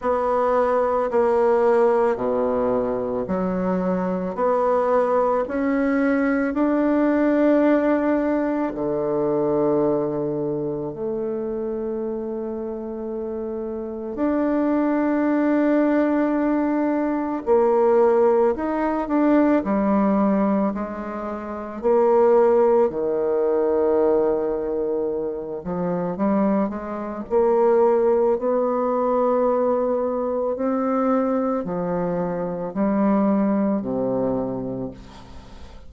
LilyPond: \new Staff \with { instrumentName = "bassoon" } { \time 4/4 \tempo 4 = 55 b4 ais4 b,4 fis4 | b4 cis'4 d'2 | d2 a2~ | a4 d'2. |
ais4 dis'8 d'8 g4 gis4 | ais4 dis2~ dis8 f8 | g8 gis8 ais4 b2 | c'4 f4 g4 c4 | }